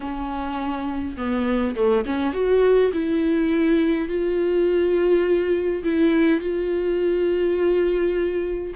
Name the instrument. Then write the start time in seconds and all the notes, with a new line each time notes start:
viola
0.00 C#4
1.17 B3
1.75 A3
2.05 C#4
2.33 F#4
2.93 E4
4.08 F4
5.83 E4
6.40 F4